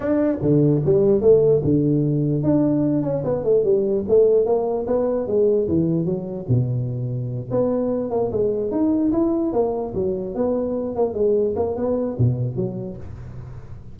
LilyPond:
\new Staff \with { instrumentName = "tuba" } { \time 4/4 \tempo 4 = 148 d'4 d4 g4 a4 | d2 d'4. cis'8 | b8 a8 g4 a4 ais4 | b4 gis4 e4 fis4 |
b,2~ b,8 b4. | ais8 gis4 dis'4 e'4 ais8~ | ais8 fis4 b4. ais8 gis8~ | gis8 ais8 b4 b,4 fis4 | }